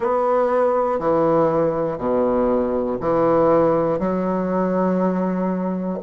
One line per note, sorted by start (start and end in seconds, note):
0.00 0.99 B3
0.99 1.97 E3
1.97 2.97 B2
3.00 3.99 E3
3.99 5.99 F#3